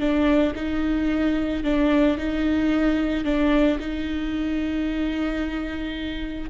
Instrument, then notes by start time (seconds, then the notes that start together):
viola
0.00 D4
0.56 D#4
1.64 D4
2.18 D#4
3.25 D4
3.80 D#4